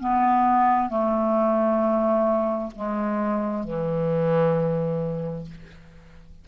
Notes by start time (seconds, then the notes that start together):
0.00 B3
0.89 A3
2.75 G#3
3.64 E3